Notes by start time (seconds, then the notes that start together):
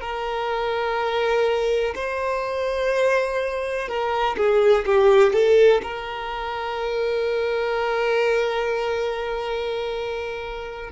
0.00 A#4
1.94 C5
3.88 A#4
4.36 G#4
4.85 G4
5.33 A4
5.82 A#4